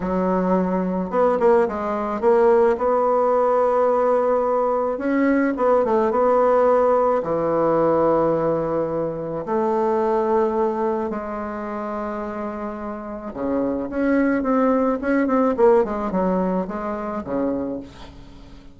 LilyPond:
\new Staff \with { instrumentName = "bassoon" } { \time 4/4 \tempo 4 = 108 fis2 b8 ais8 gis4 | ais4 b2.~ | b4 cis'4 b8 a8 b4~ | b4 e2.~ |
e4 a2. | gis1 | cis4 cis'4 c'4 cis'8 c'8 | ais8 gis8 fis4 gis4 cis4 | }